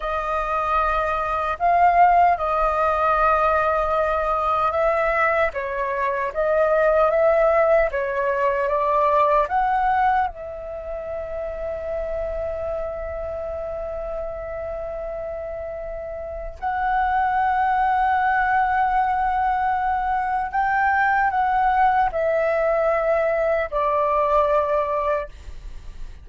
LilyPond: \new Staff \with { instrumentName = "flute" } { \time 4/4 \tempo 4 = 76 dis''2 f''4 dis''4~ | dis''2 e''4 cis''4 | dis''4 e''4 cis''4 d''4 | fis''4 e''2.~ |
e''1~ | e''4 fis''2.~ | fis''2 g''4 fis''4 | e''2 d''2 | }